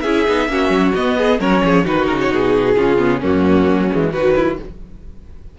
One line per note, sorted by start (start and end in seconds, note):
0.00 0.27 C#4
0.00 0.27 E4
0.00 0.48 G#4
0.00 0.91 E5
0.27 0.48 B3
0.27 0.48 D#4
0.48 0.69 A#3
0.48 0.94 C#4
0.48 1.18 F#4
0.69 0.92 F#3
0.94 1.39 B3
0.94 1.40 D#5
1.18 1.40 G#4
1.39 1.62 F#3
1.39 1.84 C#4
1.39 1.63 A#4
1.39 1.86 C#5
1.64 1.85 F3
1.64 1.84 G#4
1.84 2.08 D#3
1.84 2.75 D#4
1.84 2.75 F#4
1.84 2.06 B4
2.06 2.30 C#3
2.06 2.17 A#4
2.21 2.32 C#5
2.30 2.76 B2
2.30 3.23 G#4
2.76 3.23 C#3
2.76 2.98 C#4
2.76 3.20 F4
2.98 3.21 B3
3.20 3.68 F#2
3.20 3.90 A#3
3.20 4.10 C#4
3.20 4.12 F#4
3.68 3.91 F#3
3.91 4.13 E3
3.91 4.13 G#3
4.11 4.59 D#3
4.11 4.58 F#3
4.11 4.34 F#4
4.11 4.57 B4
4.36 4.58 E4